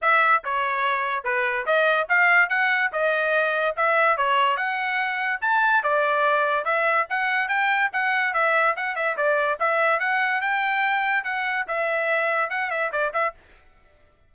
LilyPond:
\new Staff \with { instrumentName = "trumpet" } { \time 4/4 \tempo 4 = 144 e''4 cis''2 b'4 | dis''4 f''4 fis''4 dis''4~ | dis''4 e''4 cis''4 fis''4~ | fis''4 a''4 d''2 |
e''4 fis''4 g''4 fis''4 | e''4 fis''8 e''8 d''4 e''4 | fis''4 g''2 fis''4 | e''2 fis''8 e''8 d''8 e''8 | }